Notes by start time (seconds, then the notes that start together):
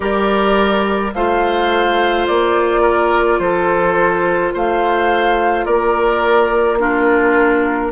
0.00 G3 G4 A#4 D5
1.13 A3 F4 C5 F5
2.27 A#3 D5
2.81 A#4
3.39 F3 A4 C5
4.53 A3 C5 F5
5.65 A#3 A#4 D5
6.79 D4 F4 A#4